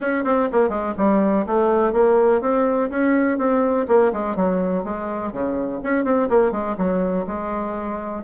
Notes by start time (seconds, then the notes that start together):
0.00 C#4
0.24 C4
0.52 A#3
0.69 G#3
0.97 G3
1.46 A3
1.92 A#3
2.41 C4
2.90 C#4
3.38 C4
3.88 A#3
4.12 G#3
4.36 F#3
4.84 G#3
5.32 C#3
5.83 C#4
6.04 C4
6.29 A#3
6.51 G#3
6.77 F#3
7.26 G#3